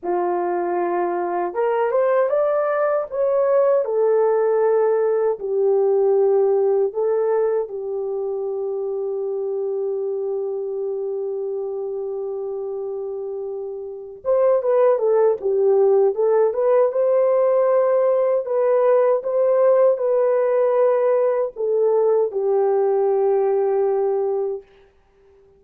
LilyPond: \new Staff \with { instrumentName = "horn" } { \time 4/4 \tempo 4 = 78 f'2 ais'8 c''8 d''4 | cis''4 a'2 g'4~ | g'4 a'4 g'2~ | g'1~ |
g'2~ g'8 c''8 b'8 a'8 | g'4 a'8 b'8 c''2 | b'4 c''4 b'2 | a'4 g'2. | }